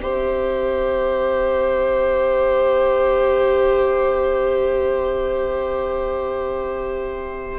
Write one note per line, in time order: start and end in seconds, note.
0.00 7.60 C4
0.00 7.60 G4
0.00 7.60 C5
0.00 7.60 E5